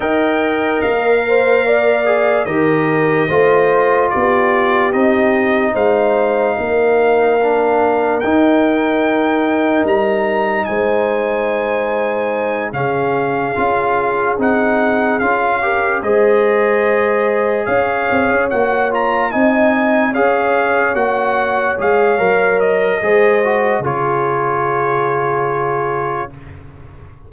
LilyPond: <<
  \new Staff \with { instrumentName = "trumpet" } { \time 4/4 \tempo 4 = 73 g''4 f''2 dis''4~ | dis''4 d''4 dis''4 f''4~ | f''2 g''2 | ais''4 gis''2~ gis''8 f''8~ |
f''4. fis''4 f''4 dis''8~ | dis''4. f''4 fis''8 ais''8 gis''8~ | gis''8 f''4 fis''4 f''4 dis''8~ | dis''4 cis''2. | }
  \new Staff \with { instrumentName = "horn" } { \time 4/4 dis''4. c''8 d''4 ais'4 | c''4 g'2 c''4 | ais'1~ | ais'4 c''2~ c''8 gis'8~ |
gis'2. ais'8 c''8~ | c''4. cis''2 dis''8~ | dis''8 cis''2.~ cis''8 | c''4 gis'2. | }
  \new Staff \with { instrumentName = "trombone" } { \time 4/4 ais'2~ ais'8 gis'8 g'4 | f'2 dis'2~ | dis'4 d'4 dis'2~ | dis'2.~ dis'8 cis'8~ |
cis'8 f'4 dis'4 f'8 g'8 gis'8~ | gis'2~ gis'8 fis'8 f'8 dis'8~ | dis'8 gis'4 fis'4 gis'8 ais'4 | gis'8 fis'8 f'2. | }
  \new Staff \with { instrumentName = "tuba" } { \time 4/4 dis'4 ais2 dis4 | a4 b4 c'4 gis4 | ais2 dis'2 | g4 gis2~ gis8 cis8~ |
cis8 cis'4 c'4 cis'4 gis8~ | gis4. cis'8 c'16 cis'16 ais4 c'8~ | c'8 cis'4 ais4 gis8 fis4 | gis4 cis2. | }
>>